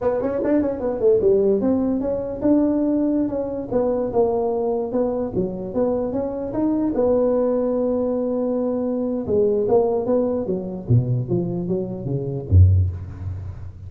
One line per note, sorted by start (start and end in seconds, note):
0.01 0.21 B3
0.21 0.41 C#4
0.44 0.61 D4
0.61 0.80 C#4
0.80 0.99 B3
0.99 1.20 A3
1.21 1.60 G3
1.60 2.00 C4
2.00 2.40 C#4
2.41 3.28 D4
3.28 3.68 C#4
3.71 4.11 B3
4.13 4.92 A#3
4.92 5.32 B3
5.35 5.73 F#3
5.73 6.12 B3
6.12 6.52 C#4
6.53 6.93 D#4
6.94 9.26 B3
9.27 9.67 G#3
9.68 10.06 A#3
10.06 10.46 B3
10.46 10.86 F#3
10.88 11.28 B2
11.28 11.68 F3
11.68 12.05 F#3
12.05 12.45 C#3
12.49 12.89 F#2